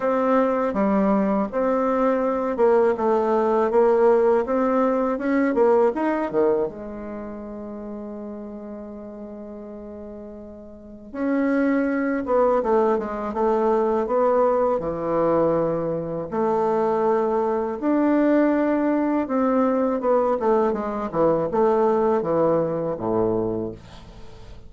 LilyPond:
\new Staff \with { instrumentName = "bassoon" } { \time 4/4 \tempo 4 = 81 c'4 g4 c'4. ais8 | a4 ais4 c'4 cis'8 ais8 | dis'8 dis8 gis2.~ | gis2. cis'4~ |
cis'8 b8 a8 gis8 a4 b4 | e2 a2 | d'2 c'4 b8 a8 | gis8 e8 a4 e4 a,4 | }